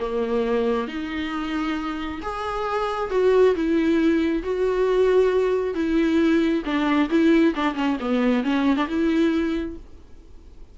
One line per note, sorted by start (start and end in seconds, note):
0.00 0.88 A#3
0.88 2.21 D#4
2.22 3.11 G#4
3.11 3.55 F#4
3.55 4.43 E4
4.43 5.75 F#4
5.75 6.64 E4
6.65 7.10 D4
7.10 7.54 E4
7.55 7.75 D4
7.75 7.97 C#4
8.00 8.44 B3
8.44 8.77 C#4
8.77 8.88 D4
8.88 9.77 E4